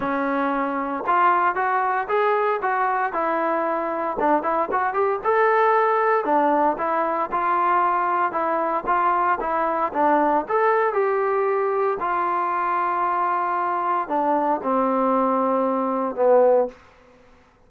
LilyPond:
\new Staff \with { instrumentName = "trombone" } { \time 4/4 \tempo 4 = 115 cis'2 f'4 fis'4 | gis'4 fis'4 e'2 | d'8 e'8 fis'8 g'8 a'2 | d'4 e'4 f'2 |
e'4 f'4 e'4 d'4 | a'4 g'2 f'4~ | f'2. d'4 | c'2. b4 | }